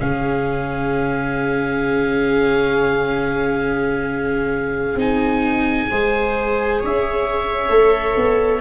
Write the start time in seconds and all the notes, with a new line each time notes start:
0.00 C#3 C#4 G#4 F5
4.95 C4 D#4 G#5
5.91 G#3 G#4 C5
6.81 C#4 C#5 E5
7.70 A3 A4
8.16 B3